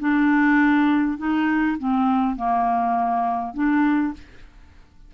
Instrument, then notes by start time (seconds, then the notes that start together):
clarinet
0.00 D4
1.18 D#4
1.78 C4
2.36 A#3
3.54 D4